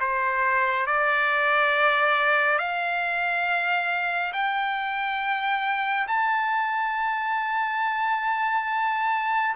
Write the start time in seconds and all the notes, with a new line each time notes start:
0.00 C5
0.86 D5
2.58 F5
4.33 G5
6.07 A5